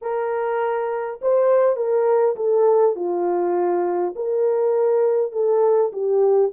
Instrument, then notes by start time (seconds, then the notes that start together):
horn
0.01 A#4
1.21 C5
1.76 A#4
2.36 A4
2.95 F4
4.15 A#4
5.32 A4
5.92 G4